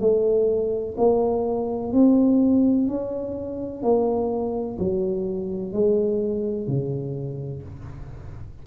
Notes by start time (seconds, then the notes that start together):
0.00 A3
0.97 A#3
1.93 C4
2.88 C#4
3.83 A#3
4.79 F#3
5.72 G#3
6.67 C#3